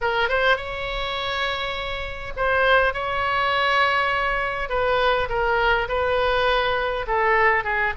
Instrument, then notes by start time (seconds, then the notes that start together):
oboe
0.01 A#4
0.29 C5
0.56 C#5
2.36 C5
2.93 C#5
4.69 B4
5.29 A#4
5.88 B4
7.07 A4
7.64 G#4